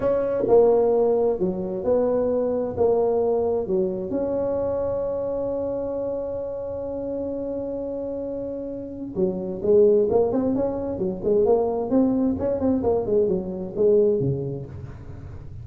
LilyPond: \new Staff \with { instrumentName = "tuba" } { \time 4/4 \tempo 4 = 131 cis'4 ais2 fis4 | b2 ais2 | fis4 cis'2.~ | cis'1~ |
cis'1 | fis4 gis4 ais8 c'8 cis'4 | fis8 gis8 ais4 c'4 cis'8 c'8 | ais8 gis8 fis4 gis4 cis4 | }